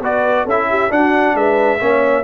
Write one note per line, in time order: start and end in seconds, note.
0.00 0.44 B3
0.00 0.47 F#4
0.00 0.44 B4
0.00 0.49 D5
0.44 0.90 C#4
0.44 0.67 A4
0.44 0.92 E5
0.51 0.90 E4
0.69 0.91 G4
0.90 1.79 D4
0.90 1.34 D4
0.90 1.36 F#4
0.90 1.36 F#5
1.34 1.79 G#3
1.34 1.81 B4
1.34 2.24 E5
1.79 2.24 A#3
1.79 2.24 C#4
1.79 2.24 C#5